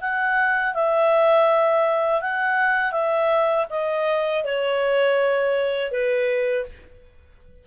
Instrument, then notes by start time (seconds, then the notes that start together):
clarinet
0.00 F#5
0.74 E5
2.21 F#5
2.91 E5
3.69 D#5
4.44 C#5
5.91 B4